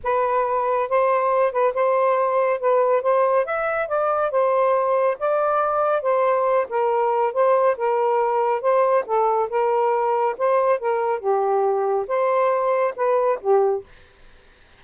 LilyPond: \new Staff \with { instrumentName = "saxophone" } { \time 4/4 \tempo 4 = 139 b'2 c''4. b'8 | c''2 b'4 c''4 | e''4 d''4 c''2 | d''2 c''4. ais'8~ |
ais'4 c''4 ais'2 | c''4 a'4 ais'2 | c''4 ais'4 g'2 | c''2 b'4 g'4 | }